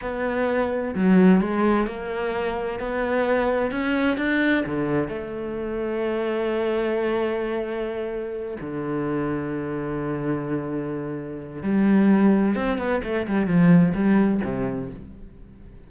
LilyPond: \new Staff \with { instrumentName = "cello" } { \time 4/4 \tempo 4 = 129 b2 fis4 gis4 | ais2 b2 | cis'4 d'4 d4 a4~ | a1~ |
a2~ a8 d4.~ | d1~ | d4 g2 c'8 b8 | a8 g8 f4 g4 c4 | }